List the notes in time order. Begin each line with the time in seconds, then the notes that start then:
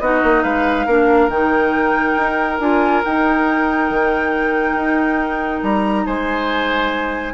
0.00 B3 D#4 F#4 D#5
0.23 A#3
0.43 G#3 B4 F5
0.86 A#3 D4 A#4
1.28 D#3 D#4 G5
2.17 D#4
2.59 D4 F4 G#5
3.04 D#4 G5
3.90 D#3
4.74 D#4
5.63 G3 A#5
6.06 G#3 C5 G#5